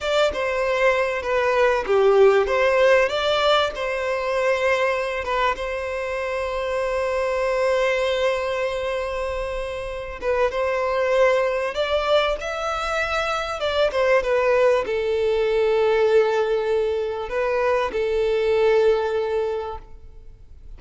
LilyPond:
\new Staff \with { instrumentName = "violin" } { \time 4/4 \tempo 4 = 97 d''8 c''4. b'4 g'4 | c''4 d''4 c''2~ | c''8 b'8 c''2.~ | c''1~ |
c''8 b'8 c''2 d''4 | e''2 d''8 c''8 b'4 | a'1 | b'4 a'2. | }